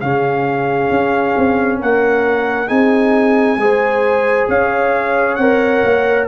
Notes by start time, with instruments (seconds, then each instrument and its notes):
0.00 tuba C#3, trombone C#4, horn G#4, trumpet F5
0.90 tuba C#4
1.37 tuba C4
1.79 tuba A#3, horn A#4, trumpet F#5
2.67 tuba C4, trombone D#4, horn G#4, trumpet G#5
3.57 tuba G#3, trombone G#4, horn C5
4.48 tuba C#4, horn C#5, trumpet F5
5.35 tuba C4, trombone A#4, trumpet F#5
5.84 tuba A#3